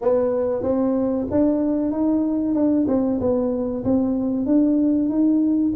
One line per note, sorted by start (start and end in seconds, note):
0.01 0.62 B3
0.62 1.26 C4
1.31 1.91 D4
1.91 2.54 D#4
2.54 2.86 D4
2.87 3.19 C4
3.20 3.84 B3
3.84 4.45 C4
4.45 5.09 D4
5.09 5.72 D#4